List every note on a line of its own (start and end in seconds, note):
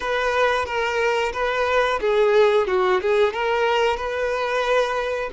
0.00 0.65 B4
0.65 1.32 A#4
1.32 1.99 B4
2.01 2.67 G#4
2.67 3.00 F#4
3.01 3.33 G#4
3.33 3.96 A#4
3.96 5.30 B4